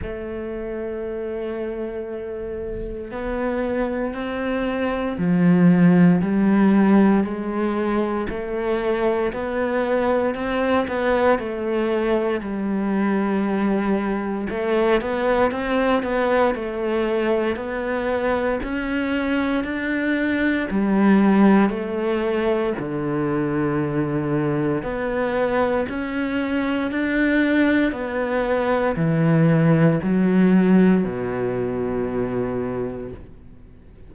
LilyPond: \new Staff \with { instrumentName = "cello" } { \time 4/4 \tempo 4 = 58 a2. b4 | c'4 f4 g4 gis4 | a4 b4 c'8 b8 a4 | g2 a8 b8 c'8 b8 |
a4 b4 cis'4 d'4 | g4 a4 d2 | b4 cis'4 d'4 b4 | e4 fis4 b,2 | }